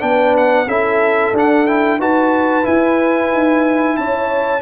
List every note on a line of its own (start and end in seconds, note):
0.00 0.67 B3
0.00 0.66 D4
0.00 0.35 G5
0.07 0.68 B4
0.37 0.69 F#5
0.67 1.33 C#4
0.67 1.34 E4
0.67 2.00 A4
0.67 1.35 E5
1.33 1.99 D4
1.33 1.67 D4
1.33 1.67 F#5
1.67 2.00 E4
1.67 2.00 G5
1.99 2.65 D#4
1.99 2.63 F#4
1.99 3.98 B4
1.99 2.66 A5
2.63 4.61 E4
2.63 3.32 E4
2.63 3.97 G#5
3.32 3.98 D#4
3.97 4.62 C#4
3.97 4.62 C#5
3.97 4.62 A5